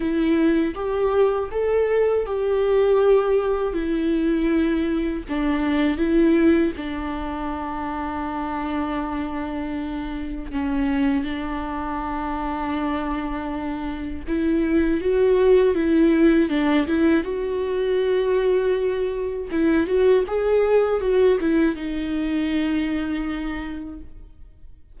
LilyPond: \new Staff \with { instrumentName = "viola" } { \time 4/4 \tempo 4 = 80 e'4 g'4 a'4 g'4~ | g'4 e'2 d'4 | e'4 d'2.~ | d'2 cis'4 d'4~ |
d'2. e'4 | fis'4 e'4 d'8 e'8 fis'4~ | fis'2 e'8 fis'8 gis'4 | fis'8 e'8 dis'2. | }